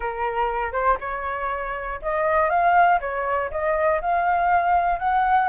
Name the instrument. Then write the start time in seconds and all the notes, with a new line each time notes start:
flute
0.00 A#4
0.72 C5
1.00 C#5
2.02 D#5
2.49 F5
3.00 C#5
3.50 D#5
4.01 F5
4.99 F#5